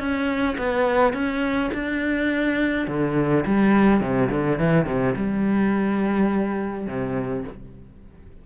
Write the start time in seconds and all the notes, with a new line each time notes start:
0.00 C#4
0.58 B3
1.14 C#4
1.74 D4
2.88 D3
3.46 G3
4.01 C3
4.31 D3
4.59 E3
4.86 C3
5.17 G3
6.88 C3